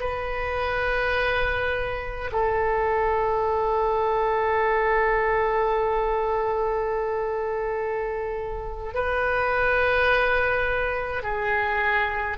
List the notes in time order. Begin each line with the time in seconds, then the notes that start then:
0.00 B4
2.32 A4
8.94 B4
11.23 G#4